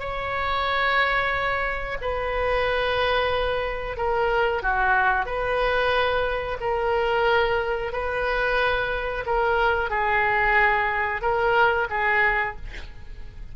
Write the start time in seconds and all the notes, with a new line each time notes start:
0.00 C#5
2.01 B4
3.97 A#4
4.63 F#4
5.26 B4
6.61 A#4
7.93 B4
9.26 A#4
9.90 G#4
11.22 A#4
11.90 G#4